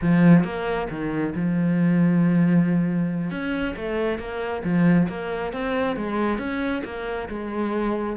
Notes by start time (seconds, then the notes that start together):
0.01 F3
0.44 A#3
0.90 D#3
1.35 F3
3.30 C#4
3.76 A3
4.19 A#3
4.63 F3
5.09 A#3
5.52 C4
5.96 G#3
6.38 C#4
6.84 A#3
7.29 G#3